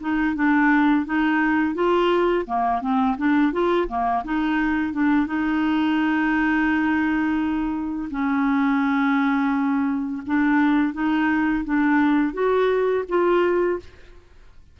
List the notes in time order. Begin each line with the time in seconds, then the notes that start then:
0.00 D#4
0.35 D4
1.05 D#4
1.74 F4
2.46 A#3
2.81 C4
3.17 D4
3.52 F4
3.88 A#3
4.24 D#4
4.93 D4
5.26 D#4
8.10 C#4
10.26 D4
10.93 D#4
11.64 D4
12.33 F#4
13.08 F4